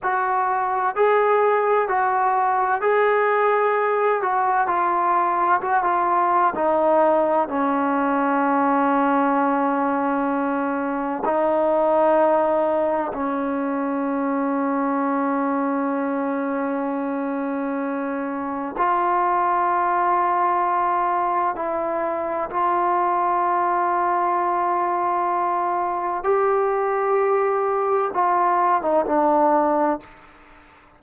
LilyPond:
\new Staff \with { instrumentName = "trombone" } { \time 4/4 \tempo 4 = 64 fis'4 gis'4 fis'4 gis'4~ | gis'8 fis'8 f'4 fis'16 f'8. dis'4 | cis'1 | dis'2 cis'2~ |
cis'1 | f'2. e'4 | f'1 | g'2 f'8. dis'16 d'4 | }